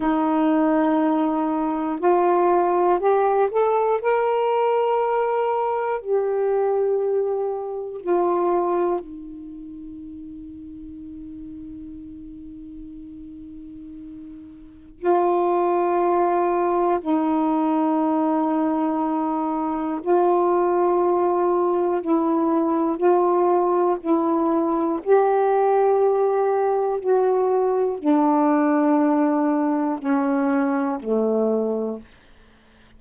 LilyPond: \new Staff \with { instrumentName = "saxophone" } { \time 4/4 \tempo 4 = 60 dis'2 f'4 g'8 a'8 | ais'2 g'2 | f'4 dis'2.~ | dis'2. f'4~ |
f'4 dis'2. | f'2 e'4 f'4 | e'4 g'2 fis'4 | d'2 cis'4 a4 | }